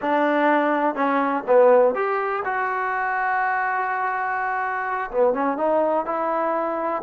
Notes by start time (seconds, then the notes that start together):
0.01 D4
0.95 C#4
1.46 B3
1.95 G4
2.44 F#4
5.11 B3
5.33 C#4
5.57 D#4
6.05 E4